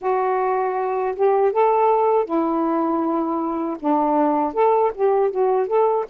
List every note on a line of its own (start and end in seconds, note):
0.01 1.15 F#4
1.15 1.52 G4
1.52 2.25 A4
2.25 3.77 E4
3.79 4.53 D4
4.53 4.91 A4
4.94 5.30 G4
5.30 5.67 F#4
5.67 6.05 A4